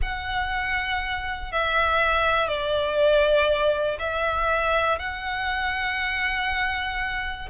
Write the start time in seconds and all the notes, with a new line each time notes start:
0.02 F#5
1.52 E5
2.48 D5
3.99 E5
4.99 F#5